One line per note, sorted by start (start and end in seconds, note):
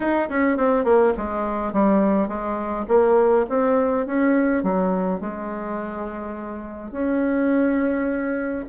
0.00 0.29 D#4
0.29 0.57 C#4
0.57 0.84 C4
0.84 1.13 A#3
1.17 1.73 G#3
1.73 2.27 G3
2.27 2.85 G#3
2.88 3.45 A#3
3.49 4.06 C4
4.06 4.63 C#4
4.63 5.20 F#3
5.20 6.91 G#3
6.91 8.64 C#4